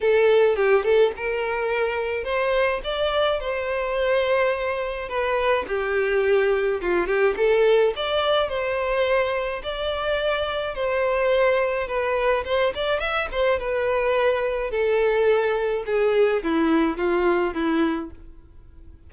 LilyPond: \new Staff \with { instrumentName = "violin" } { \time 4/4 \tempo 4 = 106 a'4 g'8 a'8 ais'2 | c''4 d''4 c''2~ | c''4 b'4 g'2 | f'8 g'8 a'4 d''4 c''4~ |
c''4 d''2 c''4~ | c''4 b'4 c''8 d''8 e''8 c''8 | b'2 a'2 | gis'4 e'4 f'4 e'4 | }